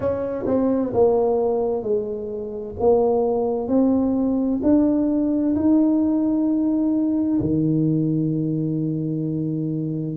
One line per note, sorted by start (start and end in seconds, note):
0.00 0.44 C#4
0.46 0.92 C4
0.93 1.82 A#3
1.82 2.74 G#3
2.79 3.68 A#3
3.68 4.60 C4
4.62 5.55 D4
5.55 7.40 D#4
7.41 10.16 D#3